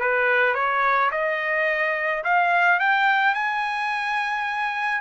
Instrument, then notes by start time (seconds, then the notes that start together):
trumpet
0.00 B4
0.54 C#5
1.11 D#5
2.24 F5
2.79 G5
3.34 G#5